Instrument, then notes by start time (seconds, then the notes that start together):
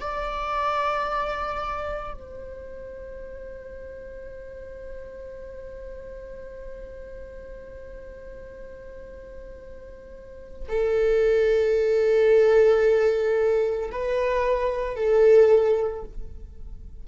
viola
0.00 D5
2.14 C5
10.69 A4
13.91 B4
14.96 A4